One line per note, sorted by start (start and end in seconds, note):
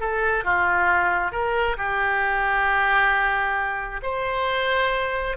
0.00 0.44 A4
0.44 1.32 F4
1.32 1.76 A#4
1.77 4.01 G4
4.02 5.36 C5